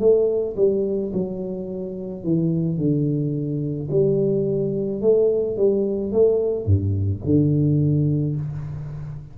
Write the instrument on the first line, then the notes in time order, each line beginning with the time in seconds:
tuba
0.00 A3
0.57 G3
1.13 F#3
2.24 E3
2.78 D3
3.91 G3
5.02 A3
5.57 G3
6.12 A3
6.66 G2
7.25 D3